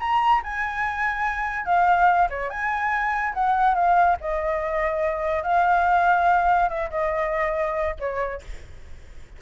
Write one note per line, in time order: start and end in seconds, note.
0.00 0.42 A#5
0.43 1.66 G#5
1.66 2.28 F5
2.30 2.50 C#5
2.50 3.34 G#5
3.34 3.75 F#5
3.75 4.17 F5
4.21 5.43 D#5
5.43 6.69 F5
6.69 6.90 E5
6.90 7.95 D#5
8.00 8.42 C#5